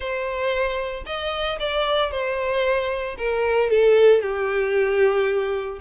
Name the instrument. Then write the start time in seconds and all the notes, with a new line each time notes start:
violin
0.00 C5
1.06 D#5
1.59 D5
2.11 C5
3.18 A#4
3.69 A4
4.21 G4